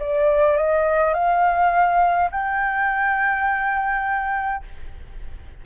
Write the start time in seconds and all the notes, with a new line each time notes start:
0.00 D5
0.58 D#5
1.14 F5
2.31 G5